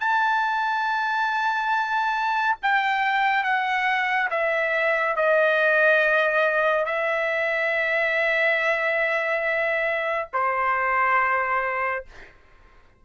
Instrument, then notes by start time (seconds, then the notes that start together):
trumpet
0.00 A5
2.63 G5
3.44 F#5
4.31 E5
5.16 D#5
6.86 E5
10.34 C5